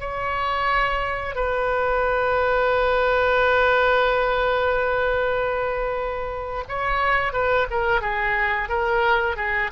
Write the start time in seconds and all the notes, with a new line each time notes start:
0.00 C#5
1.35 B4
6.68 C#5
7.33 B4
7.70 A#4
8.01 G#4
8.69 A#4
9.36 G#4